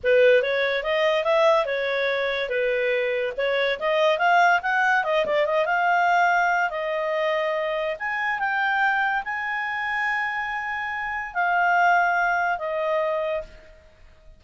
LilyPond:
\new Staff \with { instrumentName = "clarinet" } { \time 4/4 \tempo 4 = 143 b'4 cis''4 dis''4 e''4 | cis''2 b'2 | cis''4 dis''4 f''4 fis''4 | dis''8 d''8 dis''8 f''2~ f''8 |
dis''2. gis''4 | g''2 gis''2~ | gis''2. f''4~ | f''2 dis''2 | }